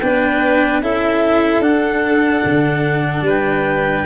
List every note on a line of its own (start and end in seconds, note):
0.00 0.82 B3
0.00 0.83 D4
0.00 0.83 B4
0.00 0.81 G5
0.82 1.60 C#4
0.82 1.63 E4
0.82 3.26 A4
0.82 1.62 E5
1.60 2.41 D4
1.60 4.06 D4
1.60 3.24 F#5
2.45 3.22 D3
3.22 4.03 G3
3.22 4.07 B4
3.29 4.07 G5